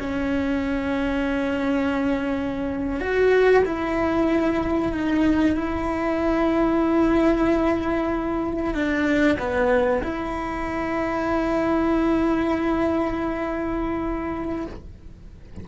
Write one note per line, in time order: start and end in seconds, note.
0.00 3.01 C#4
3.01 3.64 F#4
3.66 4.93 E4
4.93 5.56 D#4
5.56 8.74 E4
8.74 9.38 D4
9.39 10.03 B3
10.03 14.66 E4